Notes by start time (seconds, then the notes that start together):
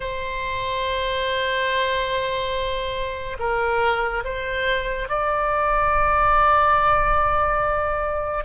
0.00 C5
3.39 A#4
4.24 C5
5.09 D5